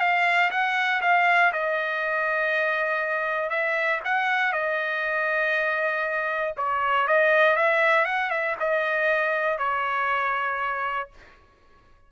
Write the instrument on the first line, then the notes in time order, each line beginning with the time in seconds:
trumpet
0.00 F5
0.51 F#5
1.02 F5
1.53 D#5
3.50 E5
4.05 F#5
4.53 D#5
6.57 C#5
7.08 D#5
7.57 E5
8.05 F#5
8.31 E5
8.60 D#5
9.59 C#5